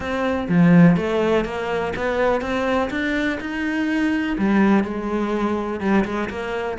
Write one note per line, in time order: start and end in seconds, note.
0.00 0.48 C4
0.48 0.96 F3
0.96 1.45 A3
1.45 1.93 A#3
1.96 2.41 B3
2.41 2.89 C4
2.90 3.38 D4
3.40 4.37 D#4
4.38 4.84 G3
4.84 5.80 G#3
5.80 6.04 G3
6.05 6.29 G#3
6.29 6.77 A#3